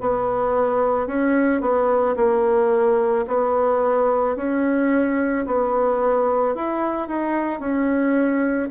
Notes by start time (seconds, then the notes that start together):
0.00 B3
1.07 C#4
1.61 B3
2.16 A#3
3.27 B3
4.36 C#4
5.46 B3
6.55 E4
7.08 D#4
7.59 C#4